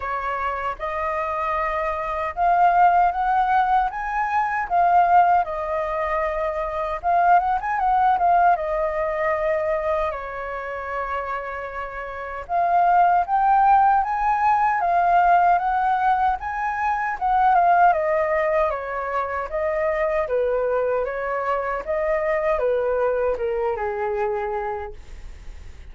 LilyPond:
\new Staff \with { instrumentName = "flute" } { \time 4/4 \tempo 4 = 77 cis''4 dis''2 f''4 | fis''4 gis''4 f''4 dis''4~ | dis''4 f''8 fis''16 gis''16 fis''8 f''8 dis''4~ | dis''4 cis''2. |
f''4 g''4 gis''4 f''4 | fis''4 gis''4 fis''8 f''8 dis''4 | cis''4 dis''4 b'4 cis''4 | dis''4 b'4 ais'8 gis'4. | }